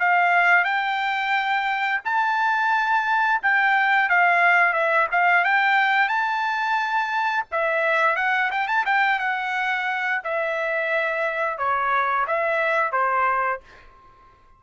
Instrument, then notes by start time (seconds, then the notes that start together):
trumpet
0.00 F5
0.65 G5
2.05 A5
3.43 G5
4.10 F5
4.74 E5
5.12 F5
5.45 G5
6.09 A5
7.52 E5
8.17 F#5
8.52 G5
8.68 A5
8.86 G5
9.20 F#5
10.24 E5
11.58 C#5
12.28 E5
12.93 C5